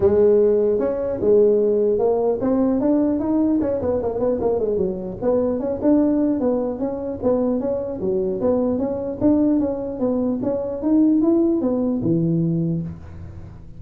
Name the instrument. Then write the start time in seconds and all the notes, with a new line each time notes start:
tuba
0.00 G#3
0.79 C#4
1.21 G#3
1.98 A#3
2.40 C4
2.80 D4
3.19 D#4
3.61 C#4
3.81 B3
4.02 A#3
4.19 B3
4.41 A#3
4.59 G#3
4.77 F#3
5.21 B3
5.59 C#4
5.81 D4
6.40 B3
6.79 C#4
7.23 B3
7.60 C#4
8.00 F#3
8.41 B3
8.78 C#4
9.20 D4
9.59 C#4
9.99 B3
10.42 C#4
10.82 D#4
11.21 E4
11.61 B3
12.02 E3